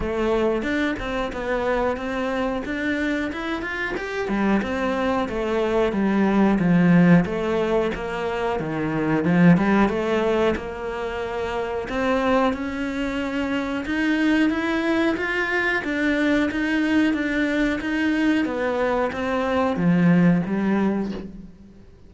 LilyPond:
\new Staff \with { instrumentName = "cello" } { \time 4/4 \tempo 4 = 91 a4 d'8 c'8 b4 c'4 | d'4 e'8 f'8 g'8 g8 c'4 | a4 g4 f4 a4 | ais4 dis4 f8 g8 a4 |
ais2 c'4 cis'4~ | cis'4 dis'4 e'4 f'4 | d'4 dis'4 d'4 dis'4 | b4 c'4 f4 g4 | }